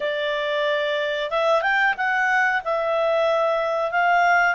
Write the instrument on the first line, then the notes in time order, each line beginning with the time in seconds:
clarinet
0.00 D5
1.30 E5
1.61 G5
1.97 F#5
2.64 E5
3.91 F5